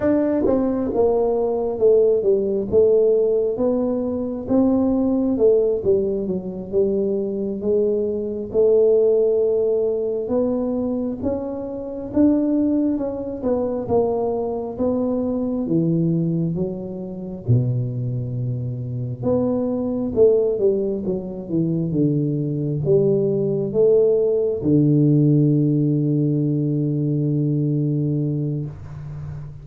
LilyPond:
\new Staff \with { instrumentName = "tuba" } { \time 4/4 \tempo 4 = 67 d'8 c'8 ais4 a8 g8 a4 | b4 c'4 a8 g8 fis8 g8~ | g8 gis4 a2 b8~ | b8 cis'4 d'4 cis'8 b8 ais8~ |
ais8 b4 e4 fis4 b,8~ | b,4. b4 a8 g8 fis8 | e8 d4 g4 a4 d8~ | d1 | }